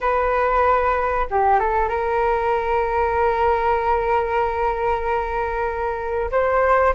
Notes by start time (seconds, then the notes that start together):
0.01 B4
1.30 G4
1.59 A4
1.88 A#4
6.31 C5